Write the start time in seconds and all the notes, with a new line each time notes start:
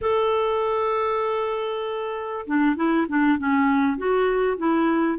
0.01 A4
2.46 D4
2.76 E4
3.08 D4
3.38 C#4
3.97 F#4
4.57 E4